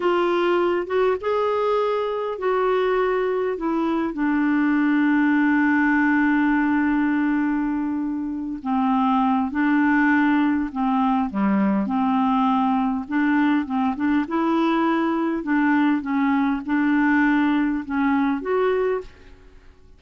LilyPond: \new Staff \with { instrumentName = "clarinet" } { \time 4/4 \tempo 4 = 101 f'4. fis'8 gis'2 | fis'2 e'4 d'4~ | d'1~ | d'2~ d'8 c'4. |
d'2 c'4 g4 | c'2 d'4 c'8 d'8 | e'2 d'4 cis'4 | d'2 cis'4 fis'4 | }